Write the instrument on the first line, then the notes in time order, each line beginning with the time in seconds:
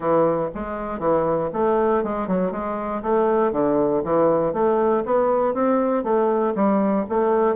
bassoon
0.00 E3
0.54 G#3
0.99 E3
1.53 A3
2.03 G#3
2.27 F#3
2.51 G#3
3.02 A3
3.52 D3
4.04 E3
4.53 A3
5.05 B3
5.54 C4
6.03 A3
6.55 G3
7.09 A3